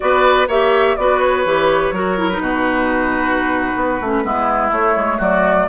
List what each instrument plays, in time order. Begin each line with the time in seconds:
0.00 bassoon B3, clarinet F#4, oboe B4, flute D5
0.47 bassoon A#3, clarinet G4, oboe C#5, flute E5
0.96 bassoon B3, clarinet F#4, oboe B4, flute D5
1.19 flute C#5
1.45 bassoon E3, clarinet G4
1.91 bassoon F#3, clarinet F#4, oboe A#4
2.18 clarinet E4
2.28 clarinet D#4, flute B4
2.40 bassoon B2, oboe F#4
3.75 bassoon B3
4.00 bassoon A3, clarinet C#4
4.23 bassoon G#3, clarinet B3, oboe E4
4.71 bassoon A3, clarinet A3, flute C#5
4.96 bassoon G#3
5.17 bassoon F#3, oboe F#4, flute D5